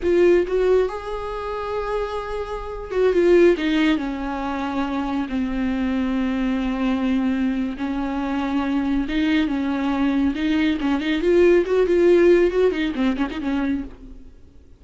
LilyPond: \new Staff \with { instrumentName = "viola" } { \time 4/4 \tempo 4 = 139 f'4 fis'4 gis'2~ | gis'2~ gis'8. fis'8 f'8.~ | f'16 dis'4 cis'2~ cis'8.~ | cis'16 c'2.~ c'8.~ |
c'2 cis'2~ | cis'4 dis'4 cis'2 | dis'4 cis'8 dis'8 f'4 fis'8 f'8~ | f'4 fis'8 dis'8 c'8 cis'16 dis'16 cis'4 | }